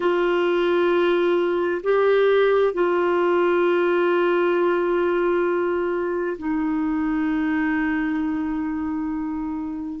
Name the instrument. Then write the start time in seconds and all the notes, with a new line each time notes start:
clarinet
0.00 F4
1.83 G4
2.73 F4
6.38 D#4